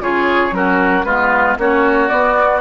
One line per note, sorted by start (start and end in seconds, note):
0.00 0.51 C#3
0.00 0.51 F4
0.00 0.54 G#4
0.00 0.54 C#5
0.51 1.03 F#3
0.51 1.03 C#4
0.51 1.05 F#4
0.51 1.04 A#4
1.04 1.57 G#3
1.04 1.58 B3
1.04 1.57 F4
1.04 1.56 B4
1.57 2.10 A#3
1.57 2.09 C#4
1.57 2.61 F#4
1.57 2.08 C#5
2.08 2.61 B3
2.08 2.60 D5